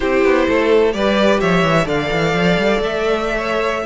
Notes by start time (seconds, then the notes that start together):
0.00 C4 E4 G4 C5
0.24 B3
0.47 A3 A4
0.92 G3 G4 B4 D5
1.40 F3 C#5 E5
1.63 E3
1.84 D3 A4 D5 F5
2.11 E3
2.34 F3
2.58 G3
2.79 A3 E5
3.37 C#5